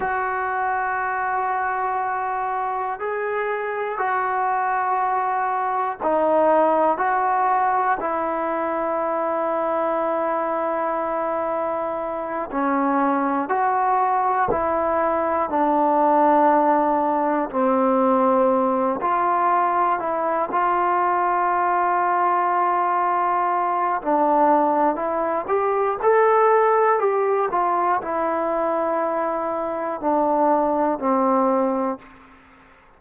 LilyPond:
\new Staff \with { instrumentName = "trombone" } { \time 4/4 \tempo 4 = 60 fis'2. gis'4 | fis'2 dis'4 fis'4 | e'1~ | e'8 cis'4 fis'4 e'4 d'8~ |
d'4. c'4. f'4 | e'8 f'2.~ f'8 | d'4 e'8 g'8 a'4 g'8 f'8 | e'2 d'4 c'4 | }